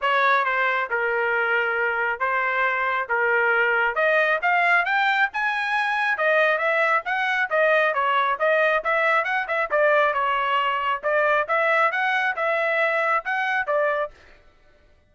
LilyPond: \new Staff \with { instrumentName = "trumpet" } { \time 4/4 \tempo 4 = 136 cis''4 c''4 ais'2~ | ais'4 c''2 ais'4~ | ais'4 dis''4 f''4 g''4 | gis''2 dis''4 e''4 |
fis''4 dis''4 cis''4 dis''4 | e''4 fis''8 e''8 d''4 cis''4~ | cis''4 d''4 e''4 fis''4 | e''2 fis''4 d''4 | }